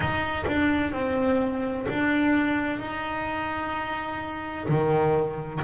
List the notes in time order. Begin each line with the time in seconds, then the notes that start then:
0.00 D#4
0.47 D4
0.92 C4
1.89 D4
2.79 D#4
4.68 D#3